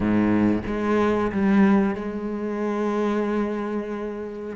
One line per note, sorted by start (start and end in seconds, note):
0.00 0.62 G#2
0.66 1.31 G#3
1.32 1.95 G3
1.95 4.56 G#3